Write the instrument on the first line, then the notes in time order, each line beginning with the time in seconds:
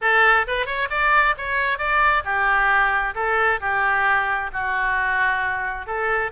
oboe
0.01 A4
0.47 B4
0.66 C#5
0.90 D5
1.37 C#5
1.78 D5
2.24 G4
3.14 A4
3.60 G4
4.52 F#4
5.86 A4